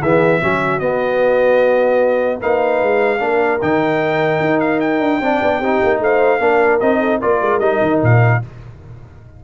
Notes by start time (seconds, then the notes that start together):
0.00 E3 B3 G#4 E5
0.41 F#3 C#4 F#4
0.79 B3 D#5
2.40 A#3 D#4 B4 F5
2.82 G#3
3.19 A#3 D4 A#4
3.62 D#3 D#4 G5
4.40 D#4
4.60 F5
4.80 G5
5.00 D4
5.20 C4 D4 D5
5.41 B3
5.59 C4 D#4 G4
5.83 A#3
6.00 A3 C5 F5
6.40 A#3 D4 A#4
6.79 C4 D#4 D#5
7.00 A4
7.18 A#3 F4 A#4 D5
7.41 G#3
7.59 G3 D#4 D#5
7.81 D#3
8.02 A#2 F5